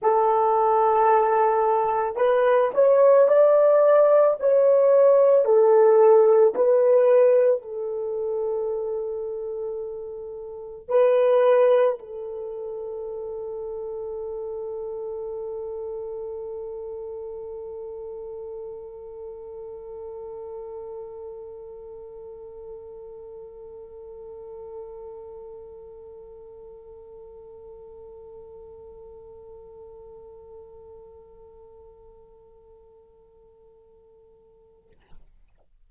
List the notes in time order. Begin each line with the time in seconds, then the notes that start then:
0.01 A4
2.16 B4
2.74 C#5
3.27 D5
4.39 C#5
5.44 A4
6.55 B4
7.62 A4
10.88 B4
11.99 A4